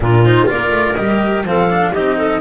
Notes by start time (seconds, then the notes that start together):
0.00 A#2 D4 F4 A#4
0.24 D#4 C5
0.46 A#3 F4 A#4 D5
0.70 A3
0.95 G3 G4 D#5
1.44 F3 C4 A4 F5
1.70 D4
1.92 C4 D#4 G4 D#5
2.17 A4